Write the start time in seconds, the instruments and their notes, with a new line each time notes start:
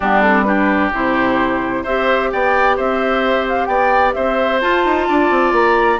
0.00 bassoon G3, clarinet B3, oboe D4, flute G4
0.21 clarinet C4, flute A4
0.42 clarinet D4, oboe G4, flute B4
0.92 bassoon C3, clarinet E4, flute C5
1.83 bassoon C4, clarinet G4, oboe C5, flute E5
2.31 bassoon B3, oboe D5, flute G5
2.76 bassoon C4, oboe C5, flute E5
3.48 flute F5
3.65 bassoon B3, oboe D5, flute G5
4.13 bassoon C4, oboe C5, flute E5
4.61 clarinet F4, bassoon F4, flute A5
4.85 bassoon D#4
5.08 bassoon D4, oboe D5
5.30 bassoon C4
5.52 bassoon A#3, flute A#5